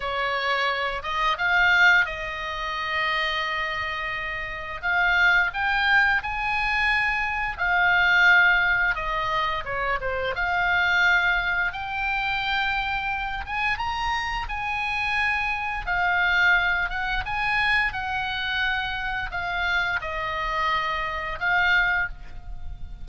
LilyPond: \new Staff \with { instrumentName = "oboe" } { \time 4/4 \tempo 4 = 87 cis''4. dis''8 f''4 dis''4~ | dis''2. f''4 | g''4 gis''2 f''4~ | f''4 dis''4 cis''8 c''8 f''4~ |
f''4 g''2~ g''8 gis''8 | ais''4 gis''2 f''4~ | f''8 fis''8 gis''4 fis''2 | f''4 dis''2 f''4 | }